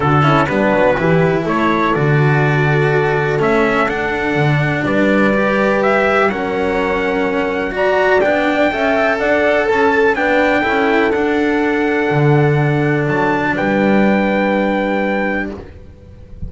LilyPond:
<<
  \new Staff \with { instrumentName = "trumpet" } { \time 4/4 \tempo 4 = 124 a'4 b'2 cis''4 | d''2. e''4 | fis''2 d''2 | e''4 fis''2. |
ais''4 g''2 fis''4 | a''4 g''2 fis''4~ | fis''2. a''4 | g''1 | }
  \new Staff \with { instrumentName = "horn" } { \time 4/4 fis'8 e'8 d'4 g'4 a'4~ | a'1~ | a'2 b'2~ | b'4 ais'2. |
d''2 e''4 d''4 | a'4 b'4 a'2~ | a'1 | b'1 | }
  \new Staff \with { instrumentName = "cello" } { \time 4/4 d'8 cis'8 b4 e'2 | fis'2. cis'4 | d'2. g'4~ | g'4 cis'2. |
fis'4 d'4 a'2~ | a'4 d'4 e'4 d'4~ | d'1~ | d'1 | }
  \new Staff \with { instrumentName = "double bass" } { \time 4/4 d4 g8 fis8 e4 a4 | d2. a4 | d'4 d4 g2~ | g4 fis2.~ |
fis4 b4 cis'4 d'4 | cis'4 b4 cis'4 d'4~ | d'4 d2 fis4 | g1 | }
>>